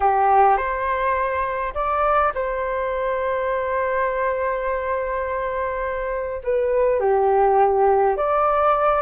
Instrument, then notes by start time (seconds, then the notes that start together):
flute
0.00 G4
0.57 C5
1.74 D5
2.34 C5
6.43 B4
7.00 G4
8.16 D5